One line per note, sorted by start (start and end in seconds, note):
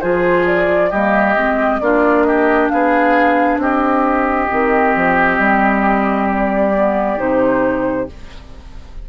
0.00 0.92 F3
0.00 0.91 F4
0.00 0.90 G#4
0.00 0.45 C5
0.46 0.91 D5
0.90 1.35 G3
0.90 1.36 A#3
0.90 1.79 G4
0.90 1.79 D#5
1.35 1.80 G#3
1.35 1.81 C4
1.79 2.70 A#3
1.79 4.48 D4
1.79 2.26 F4
1.79 2.23 D5
2.23 2.71 G4
2.23 2.67 D#5
2.69 3.57 B3
2.69 3.61 G#4
2.69 3.58 F5
3.57 4.47 C4
3.57 8.09 G4
3.57 6.30 D#5
4.48 4.95 D#3
4.48 6.72 C4
4.95 5.38 F3
5.38 7.17 G3
6.30 7.19 D5
6.75 7.17 B3
7.17 8.08 C3
7.17 8.06 D#4
7.17 8.08 C5